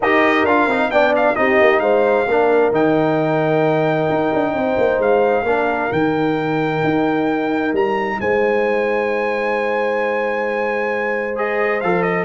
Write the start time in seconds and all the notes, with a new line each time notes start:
0.00 D#4 G4 A#4 D#5
0.43 D4 F4 F5
0.66 C4 D#4
0.89 B3 D4 D5 G5
1.16 F5
1.35 C4 D#4 G4 D#5
1.60 A#3
1.79 G#3 C5 F5
2.27 A#3 D4 A#4
2.71 D#3 D#4 G5
4.09 D#4
4.34 D4
4.53 C4 C5
4.77 A#3
4.98 G#3 F5
5.43 A#3 D4 A#4
5.90 D#3 D#4 G5
6.84 D#4
7.73 G3 A#5
8.20 G#3 C5 G#5
11.35 G#4 D#5
11.80 F3 A4 F5
12.02 D#5